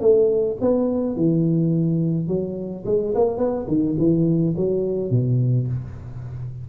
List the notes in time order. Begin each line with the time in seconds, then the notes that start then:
0.00 A3
0.60 B3
1.16 E3
2.27 F#3
2.86 G#3
3.14 A#3
3.38 B3
3.67 D#3
3.98 E3
4.56 F#3
5.10 B2